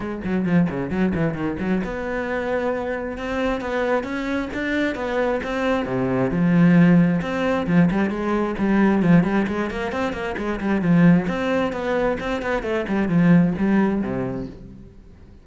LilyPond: \new Staff \with { instrumentName = "cello" } { \time 4/4 \tempo 4 = 133 gis8 fis8 f8 cis8 fis8 e8 dis8 fis8 | b2. c'4 | b4 cis'4 d'4 b4 | c'4 c4 f2 |
c'4 f8 g8 gis4 g4 | f8 g8 gis8 ais8 c'8 ais8 gis8 g8 | f4 c'4 b4 c'8 b8 | a8 g8 f4 g4 c4 | }